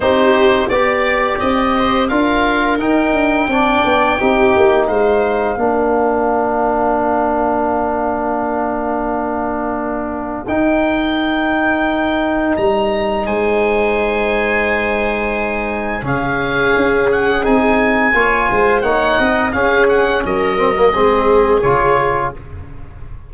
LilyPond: <<
  \new Staff \with { instrumentName = "oboe" } { \time 4/4 \tempo 4 = 86 c''4 d''4 dis''4 f''4 | g''2. f''4~ | f''1~ | f''2. g''4~ |
g''2 ais''4 gis''4~ | gis''2. f''4~ | f''8 fis''8 gis''2 fis''4 | f''8 fis''8 dis''2 cis''4 | }
  \new Staff \with { instrumentName = "viola" } { \time 4/4 g'4 d''4. c''8 ais'4~ | ais'4 d''4 g'4 c''4 | ais'1~ | ais'1~ |
ais'2. c''4~ | c''2. gis'4~ | gis'2 cis''8 c''8 cis''8 dis''8 | gis'4 ais'4 gis'2 | }
  \new Staff \with { instrumentName = "trombone" } { \time 4/4 dis'4 g'2 f'4 | dis'4 d'4 dis'2 | d'1~ | d'2. dis'4~ |
dis'1~ | dis'2. cis'4~ | cis'4 dis'4 f'4 dis'4 | cis'4. c'16 ais16 c'4 f'4 | }
  \new Staff \with { instrumentName = "tuba" } { \time 4/4 c'4 b4 c'4 d'4 | dis'8 d'8 c'8 b8 c'8 ais8 gis4 | ais1~ | ais2. dis'4~ |
dis'2 g4 gis4~ | gis2. cis4 | cis'4 c'4 ais8 gis8 ais8 c'8 | cis'4 fis4 gis4 cis4 | }
>>